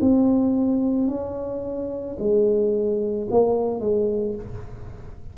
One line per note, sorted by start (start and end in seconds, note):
0.00 1.07 C4
1.07 2.16 C#4
2.18 3.27 G#3
3.30 3.80 A#3
3.80 4.34 G#3